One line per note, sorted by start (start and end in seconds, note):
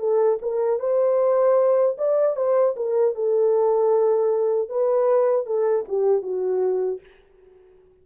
0.00 0.39 A4
0.43 0.80 A#4
0.80 1.97 C5
1.98 2.37 D5
2.37 2.76 C5
2.77 3.16 A#4
3.16 4.70 A4
4.70 5.47 B4
5.47 5.86 A4
5.89 6.23 G4
6.23 7.01 F#4